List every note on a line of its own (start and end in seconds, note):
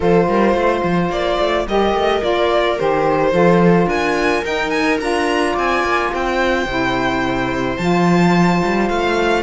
0.00 0.28 F3
0.00 1.66 F4
0.00 0.27 A4
0.00 1.11 C5
0.28 0.53 G3
0.28 0.55 A#4
0.53 0.81 A3
0.53 1.67 C5
0.83 1.09 F3
1.09 1.37 A#3
1.09 1.66 D5
1.39 1.66 A3
1.67 1.94 G3
1.67 2.20 G4
1.67 3.33 A#4
1.67 2.23 D#5
1.94 2.22 A3
2.20 2.79 A#3
2.20 2.76 F4
2.20 2.78 D5
2.77 3.32 D#3
2.77 3.31 G4
2.77 3.89 C5
3.31 3.86 F3
3.31 4.42 F4
3.31 3.87 A4
3.86 4.41 D4
3.86 5.52 A#4
3.86 4.44 G#5
4.43 4.99 D#4
4.43 4.70 G5
4.70 4.97 G#5
4.99 5.56 D4
4.99 6.66 F4
4.99 5.56 A#5
5.52 5.83 C4
5.52 6.08 D5
5.52 6.13 G#5
5.83 6.11 A#3
6.13 6.65 C4
6.13 9.43 C5
6.13 7.77 G5
6.65 7.77 C3
6.65 7.78 E4
7.77 8.62 F3
7.77 9.43 F4
7.77 8.88 A5
8.64 8.89 G3
8.88 9.43 A3
8.88 9.43 F5